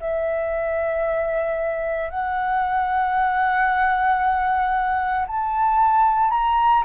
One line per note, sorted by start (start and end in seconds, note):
0.00 2.10 E5
2.10 5.26 F#5
5.27 6.31 A5
6.31 6.83 A#5